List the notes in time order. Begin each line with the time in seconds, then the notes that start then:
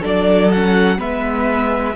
0.00 F#3 D4 A4 D5
0.51 C#4 F#5
0.97 G#3 B3 B4 E5